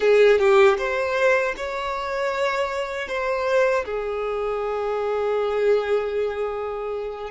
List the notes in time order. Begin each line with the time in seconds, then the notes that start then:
0.00 G#4
0.38 G4
0.78 C5
1.56 C#5
3.08 C5
3.85 G#4